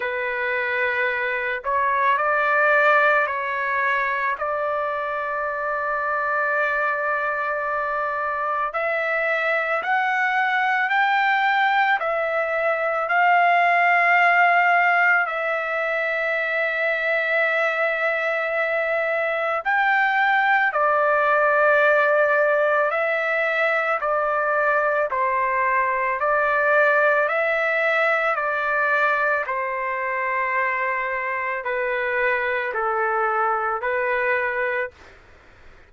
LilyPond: \new Staff \with { instrumentName = "trumpet" } { \time 4/4 \tempo 4 = 55 b'4. cis''8 d''4 cis''4 | d''1 | e''4 fis''4 g''4 e''4 | f''2 e''2~ |
e''2 g''4 d''4~ | d''4 e''4 d''4 c''4 | d''4 e''4 d''4 c''4~ | c''4 b'4 a'4 b'4 | }